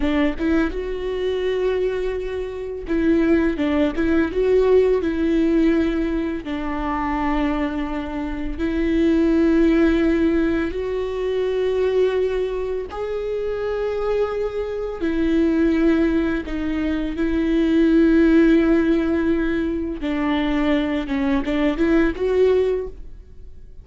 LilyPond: \new Staff \with { instrumentName = "viola" } { \time 4/4 \tempo 4 = 84 d'8 e'8 fis'2. | e'4 d'8 e'8 fis'4 e'4~ | e'4 d'2. | e'2. fis'4~ |
fis'2 gis'2~ | gis'4 e'2 dis'4 | e'1 | d'4. cis'8 d'8 e'8 fis'4 | }